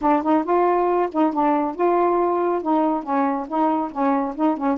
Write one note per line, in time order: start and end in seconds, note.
0.01 0.22 D4
0.22 0.44 D#4
0.44 1.09 F4
1.11 1.33 D#4
1.33 1.75 D4
1.75 2.61 F4
2.61 3.03 D#4
3.03 3.46 C#4
3.47 3.91 D#4
3.91 4.35 C#4
4.35 4.57 D#4
4.57 4.77 C#4